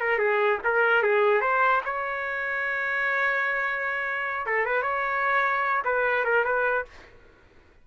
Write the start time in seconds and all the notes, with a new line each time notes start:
0.00 A#4
0.18 G#4
0.64 A#4
1.02 G#4
1.41 C5
1.85 C#5
4.46 A4
4.65 B4
4.82 C#5
5.84 B4
6.24 A#4
6.44 B4